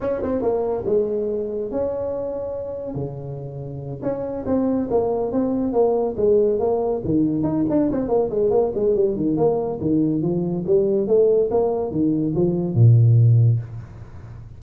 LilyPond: \new Staff \with { instrumentName = "tuba" } { \time 4/4 \tempo 4 = 141 cis'8 c'8 ais4 gis2 | cis'2. cis4~ | cis4. cis'4 c'4 ais8~ | ais8 c'4 ais4 gis4 ais8~ |
ais8 dis4 dis'8 d'8 c'8 ais8 gis8 | ais8 gis8 g8 dis8 ais4 dis4 | f4 g4 a4 ais4 | dis4 f4 ais,2 | }